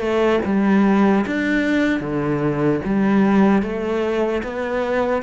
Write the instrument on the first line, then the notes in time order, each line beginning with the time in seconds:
cello
0.00 A3
0.45 G3
1.27 D4
2.00 D3
2.85 G3
3.63 A3
4.43 B3